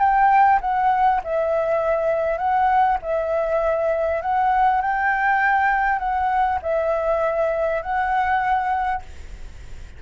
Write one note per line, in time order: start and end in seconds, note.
0.00 0.60 G5
0.62 1.22 F#5
1.24 2.38 E5
2.38 2.98 F#5
3.03 4.22 E5
4.22 4.82 F#5
4.82 5.99 G5
5.99 6.59 F#5
6.63 7.82 E5
7.82 9.02 F#5